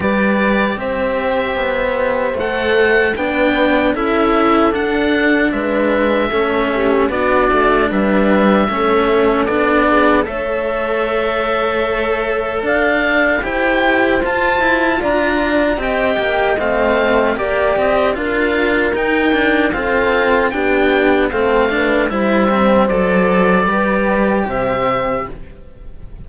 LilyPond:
<<
  \new Staff \with { instrumentName = "oboe" } { \time 4/4 \tempo 4 = 76 d''4 e''2 fis''4 | g''4 e''4 fis''4 e''4~ | e''4 d''4 e''2 | d''4 e''2. |
f''4 g''4 a''4 ais''4 | g''4 f''4 d''8 dis''8 f''4 | g''4 f''4 g''4 f''4 | e''4 d''2 e''4 | }
  \new Staff \with { instrumentName = "horn" } { \time 4/4 b'4 c''2. | b'4 a'2 b'4 | a'8 g'8 fis'4 b'4 a'4~ | a'8 gis'8 cis''2. |
d''4 c''2 d''4 | dis''2 d''4 ais'4~ | ais'4 a'4 g'4 a'8 b'8 | c''2 b'4 c''4 | }
  \new Staff \with { instrumentName = "cello" } { \time 4/4 g'2. a'4 | d'4 e'4 d'2 | cis'4 d'2 cis'4 | d'4 a'2.~ |
a'4 g'4 f'2 | g'4 c'4 g'4 f'4 | dis'8 d'8 c'4 d'4 c'8 d'8 | e'8 c'8 a'4 g'2 | }
  \new Staff \with { instrumentName = "cello" } { \time 4/4 g4 c'4 b4 a4 | b4 cis'4 d'4 gis4 | a4 b8 a8 g4 a4 | b4 a2. |
d'4 e'4 f'8 e'8 d'4 | c'8 ais8 a4 ais8 c'8 d'4 | dis'4 f'4 b4 a4 | g4 fis4 g4 c4 | }
>>